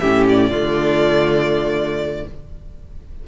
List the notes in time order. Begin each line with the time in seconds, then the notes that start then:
0.00 A2 C#4 G4 E5
0.30 D5
0.50 D3 A3 F4